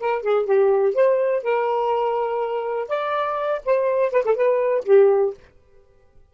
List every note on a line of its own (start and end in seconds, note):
0.00 0.22 A#4
0.22 0.46 G#4
0.46 0.94 G4
0.95 1.43 C5
1.43 2.88 A#4
2.88 3.62 D5
3.65 4.12 C5
4.12 4.24 B4
4.25 4.36 A4
4.36 4.84 B4
4.85 5.34 G4